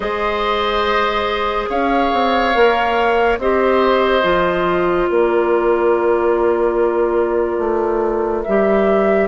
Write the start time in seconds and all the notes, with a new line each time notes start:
0.00 G#3 G#4 C5 D#5
1.69 C#4 C#5 F5
2.12 C4
2.54 A#3 A#4
3.38 C4 G4 C5 D#5
4.22 F3 F4
5.08 A#3 A#4 D5
7.58 A3
8.43 G3 G4 E5